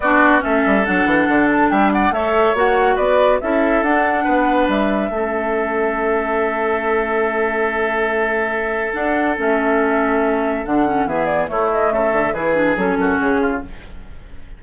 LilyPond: <<
  \new Staff \with { instrumentName = "flute" } { \time 4/4 \tempo 4 = 141 d''4 e''4 fis''4. a''8 | g''8 fis''8 e''4 fis''4 d''4 | e''4 fis''2 e''4~ | e''1~ |
e''1~ | e''4 fis''4 e''2~ | e''4 fis''4 e''8 d''8 cis''8 dis''8 | e''4 b'4 a'4 gis'4 | }
  \new Staff \with { instrumentName = "oboe" } { \time 4/4 fis'4 a'2. | e''8 d''8 cis''2 b'4 | a'2 b'2 | a'1~ |
a'1~ | a'1~ | a'2 gis'4 e'4 | a'4 gis'4. fis'4 f'8 | }
  \new Staff \with { instrumentName = "clarinet" } { \time 4/4 d'4 cis'4 d'2~ | d'4 a'4 fis'2 | e'4 d'2. | cis'1~ |
cis'1~ | cis'4 d'4 cis'2~ | cis'4 d'8 cis'8 b4 a4~ | a4 e'8 d'8 cis'2 | }
  \new Staff \with { instrumentName = "bassoon" } { \time 4/4 b4 a8 g8 fis8 e8 d4 | g4 a4 ais4 b4 | cis'4 d'4 b4 g4 | a1~ |
a1~ | a4 d'4 a2~ | a4 d4 e4 a4 | cis8 d8 e4 fis8 fis,8 cis4 | }
>>